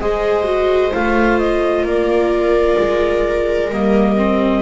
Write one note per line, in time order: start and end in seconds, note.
0.00 0.92 G#3
0.00 0.44 G#4
0.00 1.86 C5
0.00 0.93 D#5
0.44 0.90 F#4
0.93 1.83 A3
0.93 3.70 F4
0.93 1.39 F5
1.39 1.85 D#5
1.83 2.75 A#3
1.83 4.62 A#4
1.83 3.72 D5
2.79 3.70 G#3
3.70 4.62 G3
3.70 4.17 A#3
3.70 4.62 D#5
4.17 4.62 C4